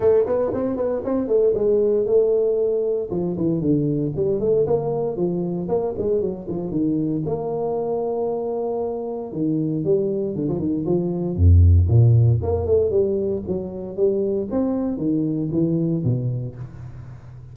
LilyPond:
\new Staff \with { instrumentName = "tuba" } { \time 4/4 \tempo 4 = 116 a8 b8 c'8 b8 c'8 a8 gis4 | a2 f8 e8 d4 | g8 a8 ais4 f4 ais8 gis8 | fis8 f8 dis4 ais2~ |
ais2 dis4 g4 | d16 f16 dis8 f4 f,4 ais,4 | ais8 a8 g4 fis4 g4 | c'4 dis4 e4 b,4 | }